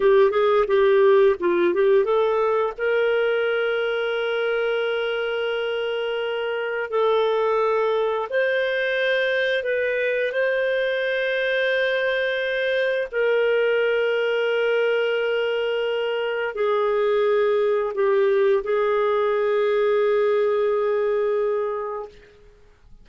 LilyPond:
\new Staff \with { instrumentName = "clarinet" } { \time 4/4 \tempo 4 = 87 g'8 gis'8 g'4 f'8 g'8 a'4 | ais'1~ | ais'2 a'2 | c''2 b'4 c''4~ |
c''2. ais'4~ | ais'1 | gis'2 g'4 gis'4~ | gis'1 | }